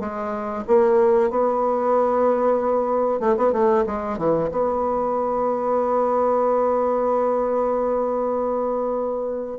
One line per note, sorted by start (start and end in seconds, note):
0.00 0.64 G#3
0.67 1.31 A#3
1.31 3.20 B3
3.20 3.36 A3
3.37 3.53 B3
3.53 3.85 A3
3.86 4.18 G#3
4.18 4.50 E3
4.51 9.59 B3